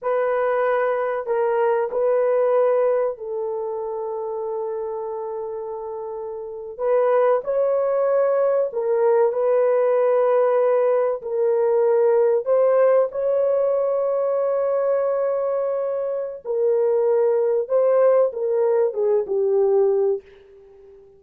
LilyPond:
\new Staff \with { instrumentName = "horn" } { \time 4/4 \tempo 4 = 95 b'2 ais'4 b'4~ | b'4 a'2.~ | a'2~ a'8. b'4 cis''16~ | cis''4.~ cis''16 ais'4 b'4~ b'16~ |
b'4.~ b'16 ais'2 c''16~ | c''8. cis''2.~ cis''16~ | cis''2 ais'2 | c''4 ais'4 gis'8 g'4. | }